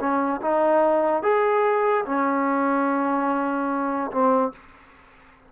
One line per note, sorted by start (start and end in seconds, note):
0.00 0.41 C#4
0.42 1.23 D#4
1.23 2.05 G#4
2.06 4.11 C#4
4.12 4.53 C4